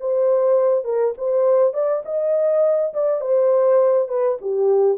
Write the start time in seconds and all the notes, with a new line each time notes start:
0.00 C5
0.84 A#4
1.18 C5
1.74 D5
2.05 D#5
2.94 D5
3.21 C5
4.09 B4
4.41 G4